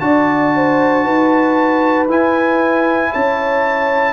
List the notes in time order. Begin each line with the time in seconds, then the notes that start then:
0.00 D4 F#4 D5 A5
0.56 C5
1.04 D#4 B4
2.08 E4 G#5
3.12 C#4 C#5 A5